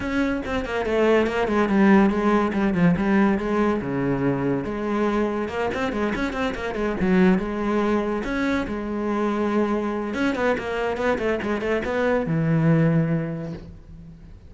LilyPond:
\new Staff \with { instrumentName = "cello" } { \time 4/4 \tempo 4 = 142 cis'4 c'8 ais8 a4 ais8 gis8 | g4 gis4 g8 f8 g4 | gis4 cis2 gis4~ | gis4 ais8 c'8 gis8 cis'8 c'8 ais8 |
gis8 fis4 gis2 cis'8~ | cis'8 gis2.~ gis8 | cis'8 b8 ais4 b8 a8 gis8 a8 | b4 e2. | }